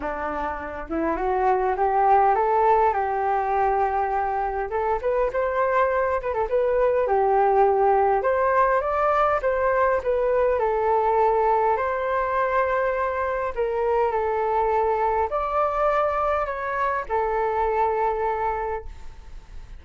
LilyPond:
\new Staff \with { instrumentName = "flute" } { \time 4/4 \tempo 4 = 102 d'4. e'8 fis'4 g'4 | a'4 g'2. | a'8 b'8 c''4. b'16 a'16 b'4 | g'2 c''4 d''4 |
c''4 b'4 a'2 | c''2. ais'4 | a'2 d''2 | cis''4 a'2. | }